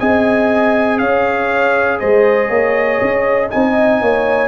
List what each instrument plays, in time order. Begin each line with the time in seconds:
0.00 tuba C4, trombone G#4, horn D#5, trumpet G#5
0.99 tuba C#4, horn C#5, trumpet F5
2.00 tuba G#3, horn C5, trumpet D#5
2.49 tuba A#3, horn C#5
3.02 tuba C#4
3.49 trombone D#4, horn D#5, trumpet G#5
3.55 tuba C4
4.01 tuba A#3, horn C#5